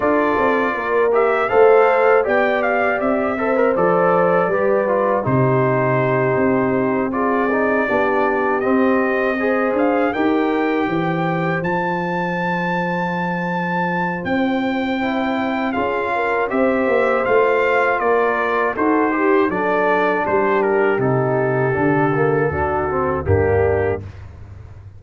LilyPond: <<
  \new Staff \with { instrumentName = "trumpet" } { \time 4/4 \tempo 4 = 80 d''4. e''8 f''4 g''8 f''8 | e''4 d''2 c''4~ | c''4. d''2 dis''8~ | dis''4 f''8 g''2 a''8~ |
a''2. g''4~ | g''4 f''4 e''4 f''4 | d''4 c''4 d''4 c''8 ais'8 | a'2. g'4 | }
  \new Staff \with { instrumentName = "horn" } { \time 4/4 a'4 ais'4 c''4 d''4~ | d''8 c''4. b'4 g'4~ | g'4. gis'4 g'4.~ | g'8 c''4 ais'4 c''4.~ |
c''1~ | c''4 gis'8 ais'8 c''2 | ais'4 a'8 g'8 a'4 g'4~ | g'2 fis'4 d'4 | }
  \new Staff \with { instrumentName = "trombone" } { \time 4/4 f'4. g'8 a'4 g'4~ | g'8 a'16 ais'16 a'4 g'8 f'8 dis'4~ | dis'4. f'8 dis'8 d'4 c'8~ | c'8 gis'4 g'2 f'8~ |
f'1 | e'4 f'4 g'4 f'4~ | f'4 fis'8 g'8 d'2 | dis'4 d'8 ais8 d'8 c'8 ais4 | }
  \new Staff \with { instrumentName = "tuba" } { \time 4/4 d'8 c'8 ais4 a4 b4 | c'4 f4 g4 c4~ | c8 c'2 b4 c'8~ | c'4 d'8 dis'4 e4 f8~ |
f2. c'4~ | c'4 cis'4 c'8 ais8 a4 | ais4 dis'4 fis4 g4 | c4 d4 d,4 g,4 | }
>>